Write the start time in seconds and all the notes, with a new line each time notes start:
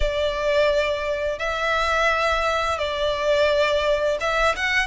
0.00 D5
1.38 E5
2.78 D5
4.20 E5
4.55 F#5